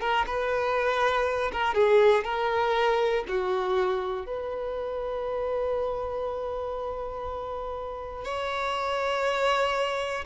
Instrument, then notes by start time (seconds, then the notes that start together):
violin
0.00 A#4
0.26 B4
1.52 A#4
1.74 G#4
2.24 A#4
3.28 F#4
4.26 B4
8.24 C#5